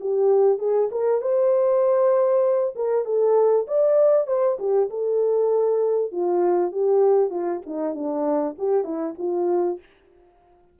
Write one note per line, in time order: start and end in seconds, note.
0.00 0.58 G4
0.58 0.89 G#4
0.91 1.21 A#4
1.21 2.74 C5
2.75 3.05 A#4
3.05 3.66 A4
3.67 4.27 D5
4.27 4.58 C5
4.59 4.89 G4
4.90 6.11 A4
6.11 6.72 F4
6.72 7.30 G4
7.30 7.61 F4
7.66 7.95 D#4
7.95 8.56 D4
8.58 8.84 G4
8.84 9.14 E4
9.18 9.79 F4